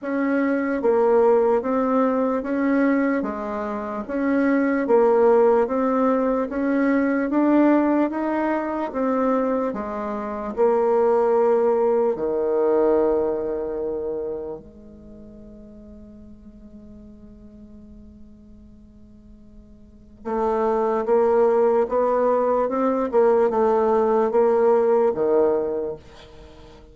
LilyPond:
\new Staff \with { instrumentName = "bassoon" } { \time 4/4 \tempo 4 = 74 cis'4 ais4 c'4 cis'4 | gis4 cis'4 ais4 c'4 | cis'4 d'4 dis'4 c'4 | gis4 ais2 dis4~ |
dis2 gis2~ | gis1~ | gis4 a4 ais4 b4 | c'8 ais8 a4 ais4 dis4 | }